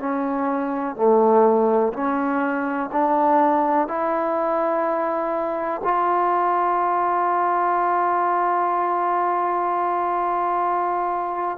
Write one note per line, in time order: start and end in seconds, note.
0.00 0.96 C#4
0.96 1.93 A3
1.94 2.90 C#4
2.93 3.88 D4
3.88 5.82 E4
5.84 11.59 F4